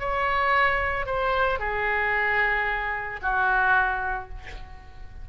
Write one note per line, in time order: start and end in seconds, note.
0.00 1.06 C#5
1.06 1.60 C5
1.60 3.20 G#4
3.22 4.30 F#4